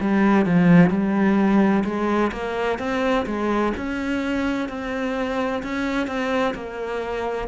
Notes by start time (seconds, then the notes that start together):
0.00 G3
0.45 F3
0.89 G3
1.84 G#3
2.32 A#3
2.78 C4
3.26 G#3
3.76 C#4
4.69 C4
5.63 C#4
6.07 C4
6.54 A#3